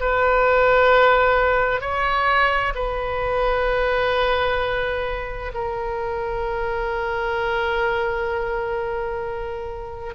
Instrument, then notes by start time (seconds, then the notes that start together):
oboe
0.00 B4
1.80 C#5
2.75 B4
5.53 A#4